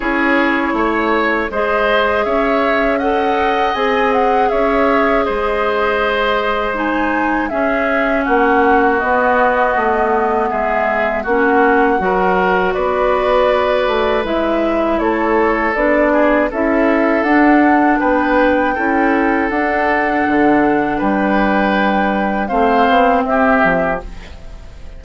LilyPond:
<<
  \new Staff \with { instrumentName = "flute" } { \time 4/4 \tempo 4 = 80 cis''2 dis''4 e''4 | fis''4 gis''8 fis''8 e''4 dis''4~ | dis''4 gis''4 e''4 fis''4 | dis''2 e''4 fis''4~ |
fis''4 d''2 e''4 | cis''4 d''4 e''4 fis''4 | g''2 fis''2 | g''2 f''4 e''4 | }
  \new Staff \with { instrumentName = "oboe" } { \time 4/4 gis'4 cis''4 c''4 cis''4 | dis''2 cis''4 c''4~ | c''2 gis'4 fis'4~ | fis'2 gis'4 fis'4 |
ais'4 b'2. | a'4. gis'8 a'2 | b'4 a'2. | b'2 c''4 g'4 | }
  \new Staff \with { instrumentName = "clarinet" } { \time 4/4 e'2 gis'2 | a'4 gis'2.~ | gis'4 dis'4 cis'2 | b2. cis'4 |
fis'2. e'4~ | e'4 d'4 e'4 d'4~ | d'4 e'4 d'2~ | d'2 c'2 | }
  \new Staff \with { instrumentName = "bassoon" } { \time 4/4 cis'4 a4 gis4 cis'4~ | cis'4 c'4 cis'4 gis4~ | gis2 cis'4 ais4 | b4 a4 gis4 ais4 |
fis4 b4. a8 gis4 | a4 b4 cis'4 d'4 | b4 cis'4 d'4 d4 | g2 a8 b8 c'8 f8 | }
>>